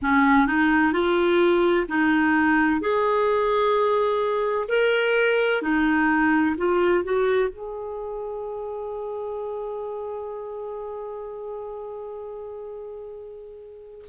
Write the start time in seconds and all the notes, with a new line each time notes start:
0.02 C#4
0.46 D#4
0.92 F4
1.88 D#4
2.80 G#4
4.68 A#4
5.62 D#4
6.57 F4
7.04 F#4
7.49 G#4